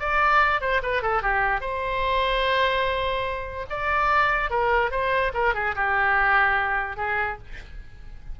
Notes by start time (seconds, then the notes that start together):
0.00 D5
0.61 C5
0.83 B4
1.02 A4
1.23 G4
1.61 C5
3.70 D5
4.50 A#4
4.91 C5
5.34 A#4
5.55 G#4
5.76 G4
6.97 G#4